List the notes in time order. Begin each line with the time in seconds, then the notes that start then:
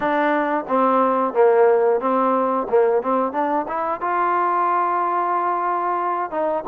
0.00 D4
0.68 C4
1.33 A#3
2.00 C4
2.69 A#3
3.02 C4
3.32 D4
3.68 E4
4.01 F4
6.30 D#4